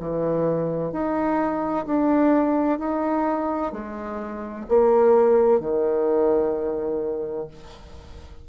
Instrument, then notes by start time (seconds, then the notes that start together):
bassoon
0.00 E3
0.92 D#4
1.86 D4
2.79 D#4
3.72 G#3
4.69 A#3
5.60 D#3